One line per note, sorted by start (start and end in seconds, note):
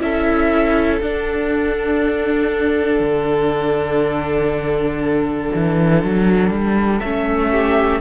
0.00 1.00 C#4
0.00 1.00 E4
0.00 7.51 A4
0.00 1.01 E5
1.01 3.00 D4
1.01 7.03 D4
1.01 7.00 F#5
3.00 5.50 D3
5.55 6.04 E3
6.04 6.51 F#3
6.51 7.01 G3
7.00 8.01 A3
7.00 8.01 C#4
7.00 8.00 E5
7.51 8.01 G4